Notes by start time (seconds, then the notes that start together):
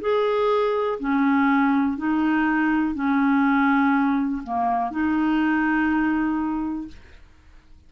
0.00 G#4
0.99 C#4
1.97 D#4
2.94 C#4
4.43 A#3
4.91 D#4